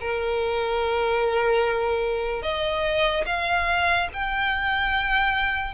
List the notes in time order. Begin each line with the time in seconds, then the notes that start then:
0.00 A#4
2.42 D#5
3.26 F5
4.13 G5